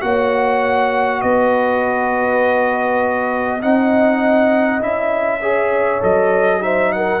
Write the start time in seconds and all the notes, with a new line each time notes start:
0.00 A#3 F#4 C#5 F#5
1.21 B3 B4 D#5
3.59 C4 D#4 D#5 F#5
4.80 C#4 E4 E5
5.40 G#4 C#5
6.00 F#3 A4 D#5
6.60 D#4 C5 E5
6.92 A#4 F#5